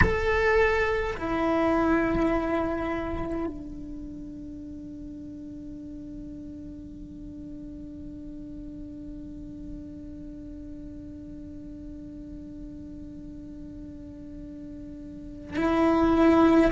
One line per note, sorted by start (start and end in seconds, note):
0.01 1.16 A4
1.17 3.46 E4
3.46 15.56 D4
15.56 16.72 E4